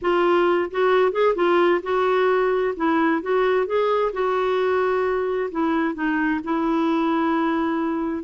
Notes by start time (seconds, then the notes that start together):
0.01 F4
0.71 F#4
1.12 G#4
1.35 F4
1.82 F#4
2.76 E4
3.22 F#4
3.66 G#4
4.12 F#4
5.51 E4
5.94 D#4
6.44 E4